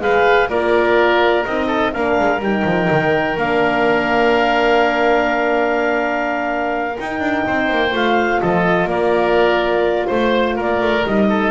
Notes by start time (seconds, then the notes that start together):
0.00 G#3 G#4 B4 F5
0.48 A#3 F4 A#4 D5
1.45 C4 D#4 D#5
1.67 A4
1.93 A#3 D4 A#4 F5
2.19 G#3
2.39 G3 D#4 G5
2.64 F3
2.90 D#3
3.36 A#3 D4 F5
6.98 D#4 G5
7.20 D4
7.46 C4 C5
7.70 A#3
7.91 A3 F4 F5
8.41 F3 A4 D#5
8.84 A#3 A#4 D5
10.07 A3 C5
10.56 A#3 A#4 D5
10.81 A3
11.06 G3 D#4 D#5
11.29 A4